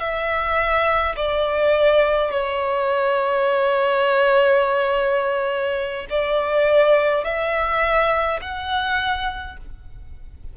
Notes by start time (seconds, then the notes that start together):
0.00 E5
1.16 D5
2.31 C#5
6.10 D5
7.25 E5
8.42 F#5